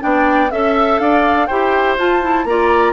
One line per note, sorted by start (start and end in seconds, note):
0.00 0.51 B3
0.00 0.49 D4
0.00 0.52 D5
0.00 0.51 G5
0.51 0.99 C#4
0.51 1.48 A4
0.51 0.98 E5
0.51 1.01 E5
0.98 1.48 D4
0.98 1.47 D5
0.98 1.46 F5
1.46 1.98 E4
1.46 1.98 G4
1.46 2.45 C5
1.46 1.95 G5
1.98 2.44 F4
1.98 2.21 F4
1.98 2.45 A5
2.21 2.46 E4
2.44 2.93 A#3
2.44 2.93 F4
2.44 2.93 D5
2.44 2.93 A#5